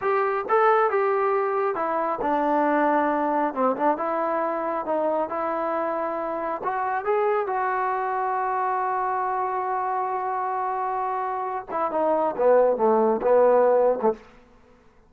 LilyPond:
\new Staff \with { instrumentName = "trombone" } { \time 4/4 \tempo 4 = 136 g'4 a'4 g'2 | e'4 d'2. | c'8 d'8 e'2 dis'4 | e'2. fis'4 |
gis'4 fis'2.~ | fis'1~ | fis'2~ fis'8 e'8 dis'4 | b4 a4 b4.~ b16 a16 | }